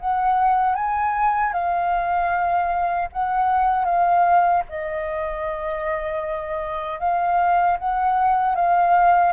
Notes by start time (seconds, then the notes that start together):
0.00 F#5
0.75 G#5
1.53 F5
3.12 F#5
3.85 F5
4.69 D#5
7.00 F5
7.79 F#5
8.55 F5